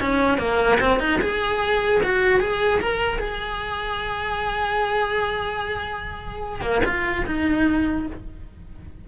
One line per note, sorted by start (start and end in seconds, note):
0.00 0.38 C#4
0.38 0.78 A#3
0.80 1.00 C4
1.00 1.20 D#4
1.21 2.02 G#4
2.03 2.40 F#4
2.40 2.80 G#4
2.80 3.19 A#4
3.19 6.61 G#4
6.61 6.81 A#3
6.85 7.26 F4
7.26 8.07 D#4